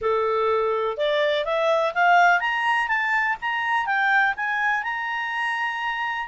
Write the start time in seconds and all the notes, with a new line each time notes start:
0.01 A4
0.97 D5
1.44 E5
1.94 F5
2.40 A#5
2.88 A5
3.41 A#5
3.86 G5
4.36 G#5
4.83 A#5